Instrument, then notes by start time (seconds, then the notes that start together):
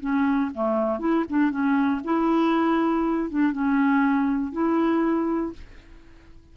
clarinet
0.00 C#4
0.54 A3
0.99 E4
1.29 D4
1.50 C#4
2.04 E4
3.30 D4
3.52 C#4
4.52 E4